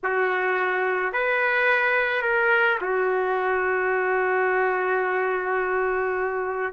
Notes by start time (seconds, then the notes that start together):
0.03 F#4
1.12 B4
2.22 A#4
2.81 F#4